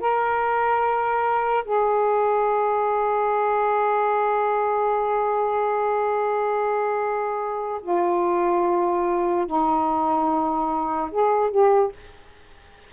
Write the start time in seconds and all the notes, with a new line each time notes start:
0.00 A#4
1.65 G#4
7.82 F4
9.46 D#4
11.11 G#4
11.51 G4